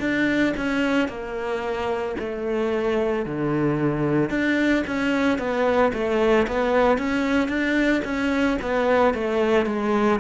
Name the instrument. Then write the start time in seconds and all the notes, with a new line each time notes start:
cello
0.00 D4
0.57 C#4
1.09 A#3
2.20 A3
3.26 D3
4.31 D4
4.87 C#4
5.39 B3
5.93 A3
6.47 B3
6.98 C#4
7.49 D4
8.05 C#4
8.62 B3
9.14 A3
9.66 G#3